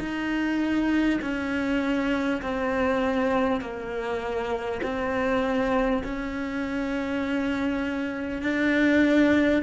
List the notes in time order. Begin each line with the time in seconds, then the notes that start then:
0.00 D#4
1.22 C#4
2.43 C4
3.61 A#3
4.83 C4
6.04 C#4
8.42 D4